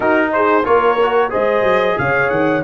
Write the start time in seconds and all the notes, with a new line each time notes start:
0.00 D#4 F#4 A#4
0.32 G#4 C5
0.64 A#3 F4 A#4 C#5
1.02 F#4
1.30 G#3 G#4 C5 D#5
1.63 F#3
1.98 C#3 C#5 F5
2.29 D#3 F#5